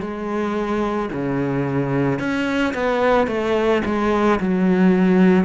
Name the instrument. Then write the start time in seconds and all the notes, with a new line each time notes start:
cello
0.00 G#3
1.13 C#3
2.19 C#4
2.74 B3
3.27 A3
3.85 G#3
4.40 F#3